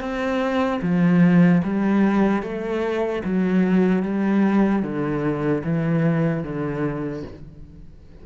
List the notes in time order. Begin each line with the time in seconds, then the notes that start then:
0.00 C4
0.81 F3
1.64 G3
2.43 A3
3.24 F#3
4.03 G3
4.82 D3
5.64 E3
6.43 D3